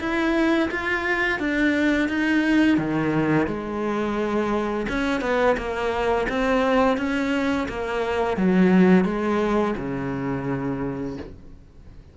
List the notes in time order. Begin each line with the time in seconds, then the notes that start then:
0.00 E4
0.71 F4
1.40 D4
2.09 D#4
2.78 D#3
3.47 G#3
4.89 C#4
5.21 B3
5.58 A#3
6.29 C4
6.98 C#4
7.69 A#3
8.37 F#3
9.05 G#3
9.78 C#3